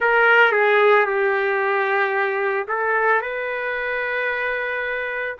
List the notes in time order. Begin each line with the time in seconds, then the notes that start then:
0.00 A#4
0.52 G#4
1.05 G4
2.68 A4
3.21 B4